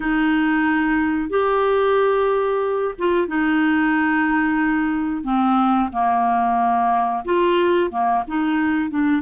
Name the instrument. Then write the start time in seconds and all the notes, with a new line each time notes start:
clarinet
0.00 D#4
1.29 G4
2.98 F4
3.27 D#4
5.23 C4
5.92 A#3
7.24 F4
7.90 A#3
8.27 D#4
8.90 D4